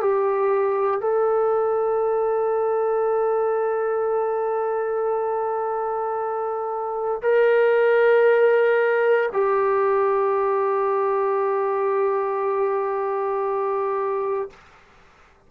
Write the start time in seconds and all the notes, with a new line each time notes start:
0.00 G4
1.00 A4
7.22 A#4
9.32 G4